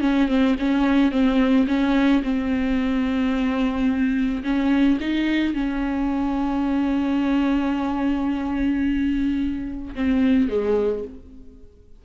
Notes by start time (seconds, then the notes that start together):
0.00 C#4
0.28 C4
0.59 C#4
1.11 C4
1.67 C#4
2.23 C4
4.43 C#4
5.00 D#4
5.54 C#4
9.95 C4
10.49 G#3